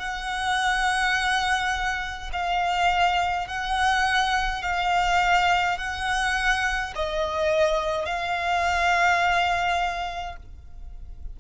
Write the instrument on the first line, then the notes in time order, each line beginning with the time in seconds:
violin
0.00 F#5
2.33 F5
3.48 F#5
4.63 F5
5.78 F#5
6.95 D#5
8.06 F5